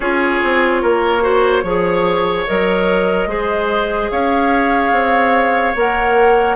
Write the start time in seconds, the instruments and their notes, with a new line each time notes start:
0.00 bassoon C#4, clarinet F4, oboe G#4, flute C#5
0.43 bassoon C4
0.82 bassoon A#3, oboe A#4
1.21 clarinet F#4, oboe C5
1.63 bassoon F3, clarinet G#4, oboe C#5
2.46 bassoon F#3, clarinet A#4, flute D#5
3.27 bassoon G#3, clarinet G#4, oboe C5
4.10 bassoon C#4, oboe C#5, flute F5
4.91 bassoon C4
5.75 bassoon A#3, clarinet A#4, flute F#5